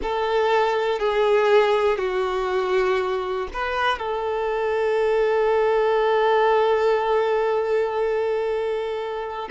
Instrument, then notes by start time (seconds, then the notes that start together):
violin
0.02 A4
0.99 G#4
1.98 F#4
3.53 B4
3.98 A4